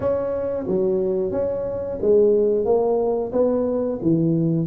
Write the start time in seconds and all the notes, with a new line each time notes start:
0.00 C#4
0.67 F#3
1.32 C#4
2.02 G#3
2.65 A#3
3.32 B3
4.02 E3